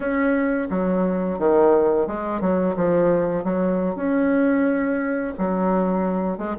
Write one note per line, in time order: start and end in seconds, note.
0.00 0.68 C#4
0.70 1.38 F#3
1.38 2.07 D#3
2.07 2.40 G#3
2.40 2.75 F#3
2.76 3.44 F3
3.44 3.95 F#3
3.95 5.33 C#4
5.38 6.38 F#3
6.38 6.55 G#3